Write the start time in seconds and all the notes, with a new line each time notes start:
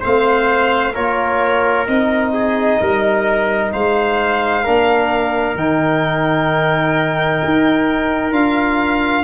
0.00 A3 C4 C5 F5
0.93 A#3 F4 A#4 C#5
1.86 C4 D#4 D#5
2.33 G#4
2.79 G3 A#4
3.72 G#3 C5 F5
4.64 A#3 D4 A#4
5.55 D#3 D#4 G5
7.44 D#4
8.30 D4 F4 F5